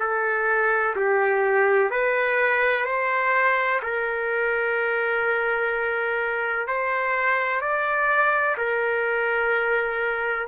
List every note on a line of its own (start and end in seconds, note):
0.00 0.95 A4
0.96 1.90 G4
1.90 2.86 B4
2.86 3.81 C5
3.83 6.68 A#4
6.68 7.61 C5
7.61 8.56 D5
8.57 10.48 A#4